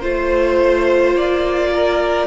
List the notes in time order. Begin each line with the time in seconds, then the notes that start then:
0.00 A3 F4 C5
1.14 A#3 D5
1.73 A#4